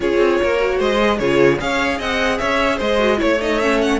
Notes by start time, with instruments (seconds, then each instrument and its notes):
0.00 cello C#4, viola F4, violin G#4 C#5
0.18 cello C4
0.42 cello A#3, violin A#4
0.59 viola F#4
0.77 cello G#3, violin C5 D#5
1.01 viola G#4
1.18 cello C#3, viola F4, violin G#4 C#5
1.59 cello C#4, viola G#4, violin C#5 F5
1.97 cello C4, violin D#5 F#5
2.38 cello C#4, violin C#5 E5
2.76 cello G#3, violin C5 D#5
2.99 viola F#4
3.16 cello A3, viola E4, violin C#5
3.41 viola D#4, violin D#5
3.60 viola C#4, violin E5
3.81 violin F#5